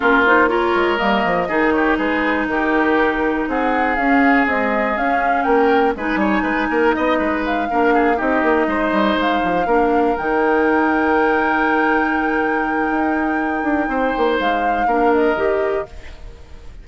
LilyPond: <<
  \new Staff \with { instrumentName = "flute" } { \time 4/4 \tempo 4 = 121 ais'8 c''8 cis''4 dis''4. cis''8 | b'4 ais'2 fis''4 | f''4 dis''4 f''4 g''4 | gis''2 dis''4 f''4~ |
f''8 dis''2 f''4.~ | f''8 g''2.~ g''8~ | g''1~ | g''4 f''4. dis''4. | }
  \new Staff \with { instrumentName = "oboe" } { \time 4/4 f'4 ais'2 gis'8 g'8 | gis'4 g'2 gis'4~ | gis'2. ais'4 | b'8 cis''8 b'8 ais'8 dis''8 b'4 ais'8 |
gis'8 g'4 c''2 ais'8~ | ais'1~ | ais'1 | c''2 ais'2 | }
  \new Staff \with { instrumentName = "clarinet" } { \time 4/4 cis'8 dis'8 f'4 ais4 dis'4~ | dis'1 | cis'4 gis4 cis'2 | dis'2.~ dis'8 d'8~ |
d'8 dis'2. d'8~ | d'8 dis'2.~ dis'8~ | dis'1~ | dis'2 d'4 g'4 | }
  \new Staff \with { instrumentName = "bassoon" } { \time 4/4 ais4. gis8 g8 f8 dis4 | gis4 dis2 c'4 | cis'4 c'4 cis'4 ais4 | gis8 g8 gis8 ais8 b8 gis4 ais8~ |
ais8 c'8 ais8 gis8 g8 gis8 f8 ais8~ | ais8 dis2.~ dis8~ | dis2 dis'4. d'8 | c'8 ais8 gis4 ais4 dis4 | }
>>